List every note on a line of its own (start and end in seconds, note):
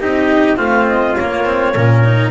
0.00 0.58 C4
0.00 0.57 D#4
0.00 0.57 G4
0.00 0.56 D#5
0.56 1.16 A3
0.56 1.15 C4
0.56 1.73 F4
0.56 0.85 F5
0.87 1.16 D#5
1.16 1.45 A#3
1.16 1.75 A#3
1.16 2.30 C#5
1.45 1.74 C4
1.73 2.30 A#2
1.73 2.04 C#4
1.73 2.30 A#4
2.04 2.30 D#4